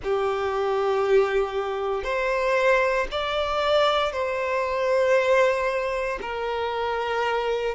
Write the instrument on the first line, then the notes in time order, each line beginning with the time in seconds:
violin
0.03 G4
2.03 C5
3.11 D5
4.12 C5
6.21 A#4